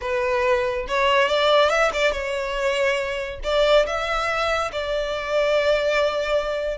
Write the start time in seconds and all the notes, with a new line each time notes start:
0.01 B4
0.87 C#5
1.28 D5
1.69 E5
1.93 D5
2.12 C#5
3.43 D5
3.86 E5
4.72 D5